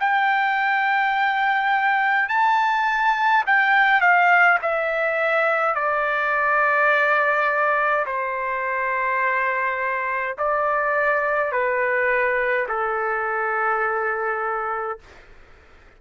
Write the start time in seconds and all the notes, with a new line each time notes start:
0.00 G5
2.29 A5
3.47 G5
4.01 F5
4.63 E5
5.75 D5
8.06 C5
10.38 D5
11.52 B4
12.69 A4